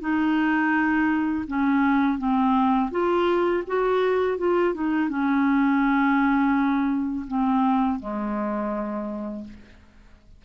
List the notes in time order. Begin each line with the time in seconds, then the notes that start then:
0.00 D#4
1.47 C#4
2.18 C4
2.91 F4
3.67 F#4
4.38 F4
4.74 D#4
5.09 C#4
7.27 C4
7.99 G#3